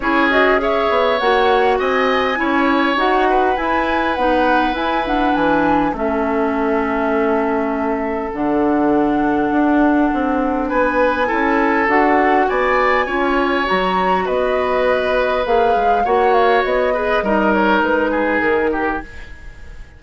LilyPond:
<<
  \new Staff \with { instrumentName = "flute" } { \time 4/4 \tempo 4 = 101 cis''8 dis''8 e''4 fis''4 gis''4~ | gis''4 fis''4 gis''4 fis''4 | gis''8 fis''8 gis''4 e''2~ | e''2 fis''2~ |
fis''2 gis''2 | fis''4 gis''2 ais''4 | dis''2 f''4 fis''8 f''8 | dis''4. cis''8 b'4 ais'4 | }
  \new Staff \with { instrumentName = "oboe" } { \time 4/4 gis'4 cis''2 dis''4 | cis''4. b'2~ b'8~ | b'2 a'2~ | a'1~ |
a'2 b'4 a'4~ | a'4 d''4 cis''2 | b'2. cis''4~ | cis''8 b'8 ais'4. gis'4 g'8 | }
  \new Staff \with { instrumentName = "clarinet" } { \time 4/4 e'8 fis'8 gis'4 fis'2 | e'4 fis'4 e'4 dis'4 | e'8 d'4. cis'2~ | cis'2 d'2~ |
d'2. e'4 | fis'2 f'4 fis'4~ | fis'2 gis'4 fis'4~ | fis'8 gis'8 dis'2. | }
  \new Staff \with { instrumentName = "bassoon" } { \time 4/4 cis'4. b8 ais4 c'4 | cis'4 dis'4 e'4 b4 | e'4 e4 a2~ | a2 d2 |
d'4 c'4 b4 cis'4 | d'4 b4 cis'4 fis4 | b2 ais8 gis8 ais4 | b4 g4 gis4 dis4 | }
>>